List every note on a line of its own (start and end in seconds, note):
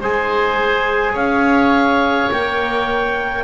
0.00 1.14 G#3
0.00 2.31 G#4
0.00 1.13 C5
0.00 1.16 G#5
1.13 2.30 C#4
1.13 3.44 C#5
1.13 2.31 F5
2.31 3.44 A#3
2.31 3.44 A#4
2.31 3.44 G5